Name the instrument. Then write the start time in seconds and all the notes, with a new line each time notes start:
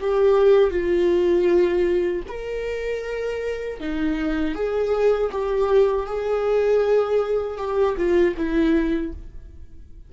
viola
0.00 G4
0.70 F4
2.28 A#4
3.79 D#4
4.54 G#4
5.31 G4
6.06 G#4
7.57 G4
7.96 F4
8.36 E4